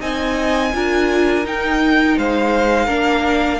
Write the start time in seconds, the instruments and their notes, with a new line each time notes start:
0.00 cello C4, viola D#4, violin D#5 G#5
0.74 cello D4, viola F4, violin A#4
1.45 viola D#4, cello D#4, violin G5
2.17 cello G#3, violin C5 F5
2.86 cello A#3, viola D4, violin A#4